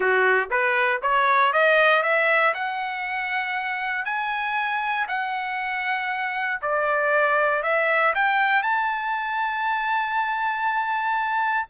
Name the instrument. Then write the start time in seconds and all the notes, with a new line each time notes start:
trumpet
0.00 F#4
0.50 B4
1.02 C#5
1.53 D#5
2.02 E5
2.54 F#5
4.05 G#5
5.08 F#5
6.61 D5
7.62 E5
8.14 G5
8.62 A5